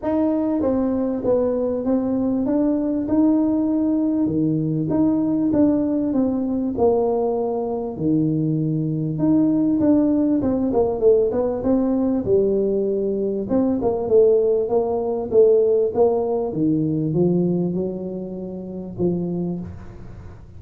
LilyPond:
\new Staff \with { instrumentName = "tuba" } { \time 4/4 \tempo 4 = 98 dis'4 c'4 b4 c'4 | d'4 dis'2 dis4 | dis'4 d'4 c'4 ais4~ | ais4 dis2 dis'4 |
d'4 c'8 ais8 a8 b8 c'4 | g2 c'8 ais8 a4 | ais4 a4 ais4 dis4 | f4 fis2 f4 | }